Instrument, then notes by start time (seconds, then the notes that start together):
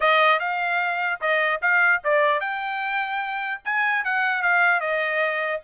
trumpet
0.00 D#5
0.39 F5
1.20 D#5
1.61 F5
2.04 D5
2.40 G5
3.64 G#5
4.04 F#5
4.42 F5
4.80 D#5